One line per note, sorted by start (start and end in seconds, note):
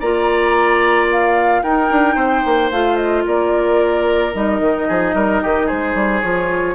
0.00 1.63 A#3
0.00 1.64 F4
0.00 1.62 D5
0.00 1.08 A#5
1.11 1.63 F5
1.63 1.90 D#4
1.63 2.72 D#4
1.63 2.15 A#4
1.63 2.71 G5
1.90 2.16 D4
2.15 2.43 C4
2.15 3.23 C5
2.45 2.71 A#3
2.71 3.25 A3
2.71 4.34 F4
2.71 2.97 F5
2.97 3.24 D#5
3.26 4.35 A#3
3.26 4.88 A#4
3.26 4.33 D5
4.33 4.60 G3
4.33 6.22 D#4
4.33 5.68 D#5
4.60 4.87 D#3
4.88 5.14 F3
4.88 5.15 G#4
5.14 5.41 G3
5.14 5.42 A#4
5.42 5.71 D#3
5.42 5.66 G4
5.66 5.95 G#3
5.66 6.74 G#4
5.66 6.21 C5
5.95 6.22 G3
6.21 6.75 F3
6.21 6.75 F4
6.21 6.75 C#5